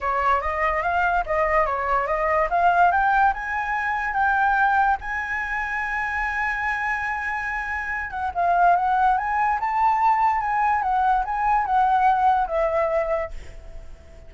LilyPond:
\new Staff \with { instrumentName = "flute" } { \time 4/4 \tempo 4 = 144 cis''4 dis''4 f''4 dis''4 | cis''4 dis''4 f''4 g''4 | gis''2 g''2 | gis''1~ |
gis''2.~ gis''8 fis''8 | f''4 fis''4 gis''4 a''4~ | a''4 gis''4 fis''4 gis''4 | fis''2 e''2 | }